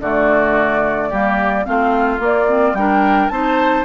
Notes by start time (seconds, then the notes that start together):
0.00 D3 A3 F#4 D5
1.08 G3 A#3 G4
1.64 A3 C4 F4 F5
2.18 A#3 D5
2.48 C4
2.73 G3 D4 A#4 G5
3.28 C4 D#4 C5 A5